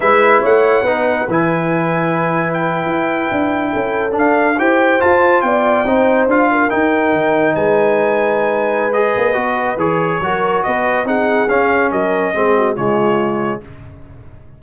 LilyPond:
<<
  \new Staff \with { instrumentName = "trumpet" } { \time 4/4 \tempo 4 = 141 e''4 fis''2 gis''4~ | gis''2 g''2~ | g''4.~ g''16 f''4 g''4 a''16~ | a''8. g''2 f''4 g''16~ |
g''4.~ g''16 gis''2~ gis''16~ | gis''4 dis''2 cis''4~ | cis''4 dis''4 fis''4 f''4 | dis''2 cis''2 | }
  \new Staff \with { instrumentName = "horn" } { \time 4/4 b'4 cis''4 b'2~ | b'1~ | b'8. a'2 c''4~ c''16~ | c''8. d''4 c''4. ais'8.~ |
ais'4.~ ais'16 b'2~ b'16~ | b'1 | ais'4 b'4 gis'2 | ais'4 gis'8 fis'8 f'2 | }
  \new Staff \with { instrumentName = "trombone" } { \time 4/4 e'2 dis'4 e'4~ | e'1~ | e'4.~ e'16 d'4 g'4 f'16~ | f'4.~ f'16 dis'4 f'4 dis'16~ |
dis'1~ | dis'4 gis'4 fis'4 gis'4 | fis'2 dis'4 cis'4~ | cis'4 c'4 gis2 | }
  \new Staff \with { instrumentName = "tuba" } { \time 4/4 gis4 a4 b4 e4~ | e2~ e8. e'4 d'16~ | d'8. cis'4 d'4 e'4 f'16~ | f'8. b4 c'4 d'4 dis'16~ |
dis'8. dis4 gis2~ gis16~ | gis4. ais8 b4 e4 | fis4 b4 c'4 cis'4 | fis4 gis4 cis2 | }
>>